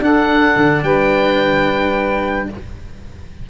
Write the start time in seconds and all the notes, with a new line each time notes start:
0.00 D4 A4 F#5
0.57 D3
0.83 G3 B4 G5